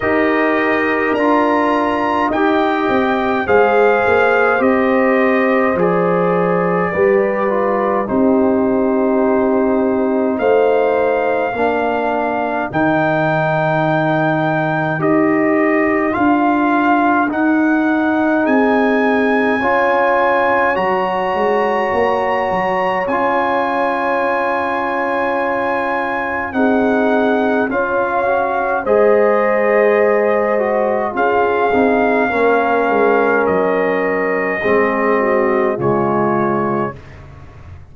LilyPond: <<
  \new Staff \with { instrumentName = "trumpet" } { \time 4/4 \tempo 4 = 52 dis''4 ais''4 g''4 f''4 | dis''4 d''2 c''4~ | c''4 f''2 g''4~ | g''4 dis''4 f''4 fis''4 |
gis''2 ais''2 | gis''2. fis''4 | f''4 dis''2 f''4~ | f''4 dis''2 cis''4 | }
  \new Staff \with { instrumentName = "horn" } { \time 4/4 ais'2 dis''4 c''4~ | c''2 b'4 g'4~ | g'4 c''4 ais'2~ | ais'1 |
gis'4 cis''2.~ | cis''2. gis'4 | cis''4 c''2 gis'4 | ais'2 gis'8 fis'8 f'4 | }
  \new Staff \with { instrumentName = "trombone" } { \time 4/4 g'4 f'4 g'4 gis'4 | g'4 gis'4 g'8 f'8 dis'4~ | dis'2 d'4 dis'4~ | dis'4 g'4 f'4 dis'4~ |
dis'4 f'4 fis'2 | f'2. dis'4 | f'8 fis'8 gis'4. fis'8 f'8 dis'8 | cis'2 c'4 gis4 | }
  \new Staff \with { instrumentName = "tuba" } { \time 4/4 dis'4 d'4 dis'8 c'8 gis8 ais8 | c'4 f4 g4 c'4~ | c'4 a4 ais4 dis4~ | dis4 dis'4 d'4 dis'4 |
c'4 cis'4 fis8 gis8 ais8 fis8 | cis'2. c'4 | cis'4 gis2 cis'8 c'8 | ais8 gis8 fis4 gis4 cis4 | }
>>